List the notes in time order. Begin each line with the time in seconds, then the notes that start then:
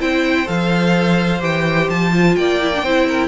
0.00 C4 E4 C5 G5
0.46 F3 A4 F5
1.41 E3 G4 G5
1.90 F3 A5
2.15 F4
2.36 A#3 D5 G5
2.62 E4
2.74 D4
2.83 C4 E4 C5
3.08 A#4